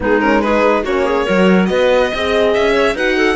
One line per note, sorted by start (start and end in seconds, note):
0.00 0.83 G#3
0.00 0.21 B3
0.00 0.43 D#4
0.00 0.20 G#4
0.20 0.42 C#4
0.20 0.41 A#4
0.41 0.85 D#4
0.41 0.83 G#4
0.41 0.83 B4
0.83 1.26 A#3
0.83 1.27 C#4
0.83 1.04 F#4
0.83 1.65 C#5
1.04 1.25 G#4
1.25 1.70 F#3
1.25 2.12 F#4
1.25 1.68 A#4
1.65 2.12 B3
1.65 2.12 B4
1.65 2.50 D#5
2.12 2.56 C4
2.12 2.95 G#4
2.12 2.73 D#5
2.54 2.94 C#4
2.54 2.96 E5
2.73 2.94 C#5
2.94 3.36 D#4
2.94 3.36 F#4
2.94 3.16 B4
2.94 3.36 F#5
3.16 3.36 A4